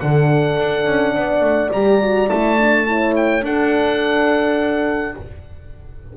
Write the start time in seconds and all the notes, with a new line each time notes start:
0.00 D3 D4 A4 F#5
0.58 D4
0.86 C#4
1.15 B3 D5
1.41 A3
1.72 G3 G4 A#5
2.01 F#4
2.28 A3 E4 A5
2.58 D4
2.86 E4 C#5
3.16 G5
3.41 D4 A4 F#5